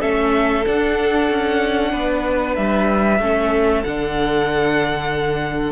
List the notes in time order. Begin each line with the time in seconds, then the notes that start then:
0.00 A3 C#4 A4 E5
0.66 D4 F#5
1.30 C#4
1.92 B3 B4
2.56 G3 E5
3.20 A3 C#4 A4
3.84 D3 D4 F#5